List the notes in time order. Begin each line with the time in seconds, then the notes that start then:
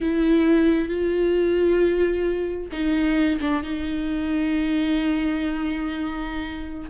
0.01 E4
0.88 F4
2.72 D#4
3.41 D4
3.62 D#4